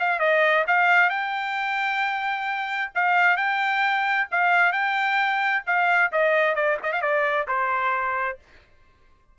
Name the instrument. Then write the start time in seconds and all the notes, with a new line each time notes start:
trumpet
0.00 F5
0.20 D#5
0.67 F5
1.10 G5
2.95 F5
3.37 G5
4.32 F5
4.73 G5
5.67 F5
6.12 D#5
6.55 D5
6.83 D#5
6.93 F5
7.02 D5
7.48 C5